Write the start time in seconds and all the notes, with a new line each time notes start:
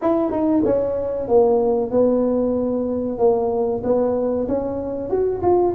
0.01 E4
0.31 D#4
0.65 C#4
1.28 A#3
1.91 B3
3.18 A#3
3.83 B3
4.48 C#4
5.10 F#4
5.42 F4